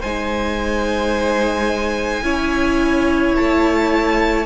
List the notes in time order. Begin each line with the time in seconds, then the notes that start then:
0.00 G#3 D#4 C5 G#5
2.22 C#4 E4 C#5
3.35 A3 A5